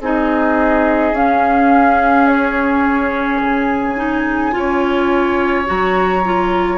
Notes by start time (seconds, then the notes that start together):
0.00 C4 D#4 G#4 D#5
1.13 C#4 F5
2.27 C#5
3.41 C#3 G#5
3.97 D#4
4.52 C#4 F4 C#5
5.66 F#3 F#4 A#5
6.25 F4